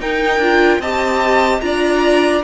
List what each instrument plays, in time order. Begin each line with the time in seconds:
0.00 cello D#4, viola D#4, violin A#4 G5
0.37 cello D4, viola F4
0.79 cello C4, viola G4, violin D#5 A5
1.61 cello D4, viola F4, violin D5 A#5